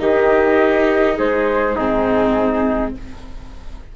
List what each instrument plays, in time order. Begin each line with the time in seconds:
0.00 bassoon D#3, viola D#4, trumpet G4, flute D#5
1.18 bassoon G#3, trumpet G#4, flute C5
1.76 bassoon G#2, viola C4, trumpet D#4, flute G#4